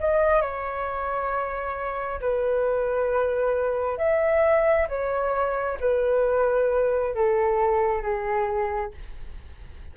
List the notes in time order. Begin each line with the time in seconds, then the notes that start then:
0.00 D#5
0.42 C#5
2.21 B4
3.98 E5
4.89 C#5
5.81 B4
7.15 A4
8.02 G#4